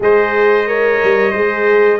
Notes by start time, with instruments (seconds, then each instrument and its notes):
0.00 tuba G#3, horn G#4, trumpet C5 D#5
0.67 horn A#4, trumpet C#5
1.03 tuba G3
1.31 tuba G#3, horn G#4, trumpet C5